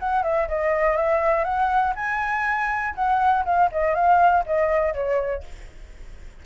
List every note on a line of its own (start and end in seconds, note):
0.00 0.23 F#5
0.23 0.48 E5
0.49 0.97 D#5
0.97 1.44 E5
1.44 1.94 F#5
1.96 2.95 G#5
2.95 3.45 F#5
3.45 3.70 F5
3.72 3.95 D#5
3.95 4.45 F5
4.47 4.94 D#5
4.94 5.44 C#5